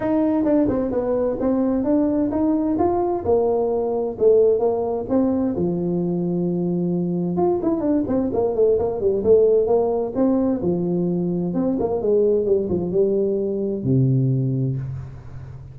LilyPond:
\new Staff \with { instrumentName = "tuba" } { \time 4/4 \tempo 4 = 130 dis'4 d'8 c'8 b4 c'4 | d'4 dis'4 f'4 ais4~ | ais4 a4 ais4 c'4 | f1 |
f'8 e'8 d'8 c'8 ais8 a8 ais8 g8 | a4 ais4 c'4 f4~ | f4 c'8 ais8 gis4 g8 f8 | g2 c2 | }